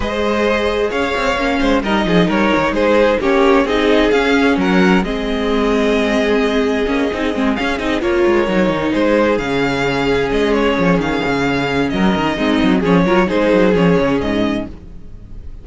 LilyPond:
<<
  \new Staff \with { instrumentName = "violin" } { \time 4/4 \tempo 4 = 131 dis''2 f''2 | dis''4 cis''4 c''4 cis''4 | dis''4 f''4 fis''4 dis''4~ | dis''1~ |
dis''8 f''8 dis''8 cis''2 c''8~ | c''8 f''2 dis''8 cis''4 | f''2 dis''2 | cis''4 c''4 cis''4 dis''4 | }
  \new Staff \with { instrumentName = "violin" } { \time 4/4 c''2 cis''4. c''8 | ais'8 gis'8 ais'4 gis'4 g'4 | gis'2 ais'4 gis'4~ | gis'1~ |
gis'4. ais'2 gis'8~ | gis'1~ | gis'2 ais'4 dis'4 | gis'8 ais'8 gis'2. | }
  \new Staff \with { instrumentName = "viola" } { \time 4/4 gis'2. cis'4 | dis'2. cis'4 | dis'4 cis'2 c'4~ | c'2. cis'8 dis'8 |
c'8 cis'8 dis'8 f'4 dis'4.~ | dis'8 cis'2.~ cis'8~ | cis'2. c'4 | cis'8 f'8 dis'4 cis'2 | }
  \new Staff \with { instrumentName = "cello" } { \time 4/4 gis2 cis'8 c'8 ais8 gis8 | g8 f8 g8 dis8 gis4 ais4 | c'4 cis'4 fis4 gis4~ | gis2. ais8 c'8 |
gis8 cis'8 c'8 ais8 gis8 fis8 dis8 gis8~ | gis8 cis2 gis4 f8 | dis8 cis4. fis8 dis8 gis8 fis8 | f8 fis8 gis8 fis8 f8 cis8 gis,4 | }
>>